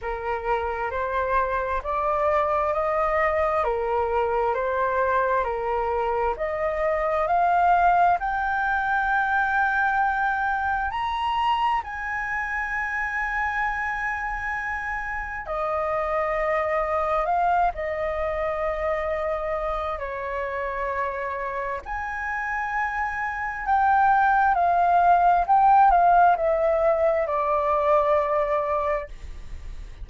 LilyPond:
\new Staff \with { instrumentName = "flute" } { \time 4/4 \tempo 4 = 66 ais'4 c''4 d''4 dis''4 | ais'4 c''4 ais'4 dis''4 | f''4 g''2. | ais''4 gis''2.~ |
gis''4 dis''2 f''8 dis''8~ | dis''2 cis''2 | gis''2 g''4 f''4 | g''8 f''8 e''4 d''2 | }